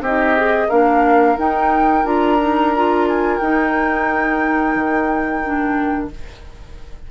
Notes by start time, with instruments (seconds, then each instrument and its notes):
0.00 bassoon C4, clarinet D#4, oboe G4, flute D#5
0.37 clarinet G#4
0.68 bassoon A#3, clarinet D4, oboe A#4, flute F5
1.37 clarinet D#4, bassoon D#4, flute G5
2.04 bassoon D4, clarinet F4, flute A#5
2.39 clarinet D#4
2.75 clarinet F4
3.08 flute G#5
3.38 bassoon D#4, clarinet D#4, flute G5
4.75 bassoon D#3
5.43 clarinet D4